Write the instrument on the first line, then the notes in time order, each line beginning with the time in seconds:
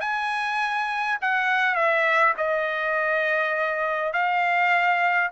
trumpet
0.00 G#5
1.21 F#5
1.75 E5
2.37 D#5
4.13 F5